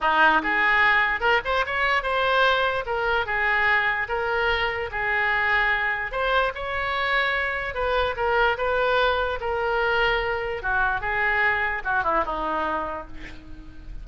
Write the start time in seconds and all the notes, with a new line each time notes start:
0.01 D#4
0.42 G#4
1.20 A#4
1.44 C5
1.66 C#5
2.03 C5
2.86 A#4
3.26 G#4
4.08 A#4
4.91 G#4
6.11 C5
6.54 C#5
7.74 B4
8.16 A#4
8.57 B4
9.40 A#4
10.62 F#4
11.00 G#4
11.84 F#4
12.03 E4
12.25 D#4